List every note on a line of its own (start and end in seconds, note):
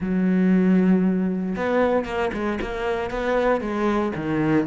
0.00 1.55 F#3
1.56 2.05 B3
2.05 2.31 A#3
2.33 2.59 G#3
2.61 3.10 A#3
3.10 3.60 B3
3.60 4.12 G#3
4.15 4.67 D#3